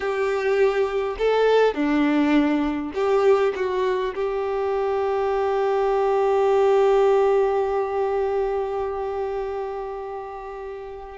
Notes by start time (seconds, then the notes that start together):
0.00 G4
1.18 A4
1.74 D4
2.94 G4
3.55 F#4
4.14 G4